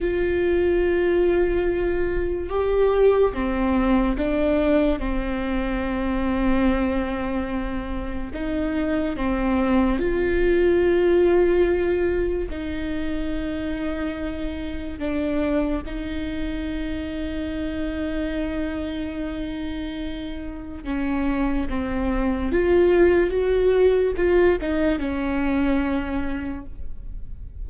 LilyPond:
\new Staff \with { instrumentName = "viola" } { \time 4/4 \tempo 4 = 72 f'2. g'4 | c'4 d'4 c'2~ | c'2 dis'4 c'4 | f'2. dis'4~ |
dis'2 d'4 dis'4~ | dis'1~ | dis'4 cis'4 c'4 f'4 | fis'4 f'8 dis'8 cis'2 | }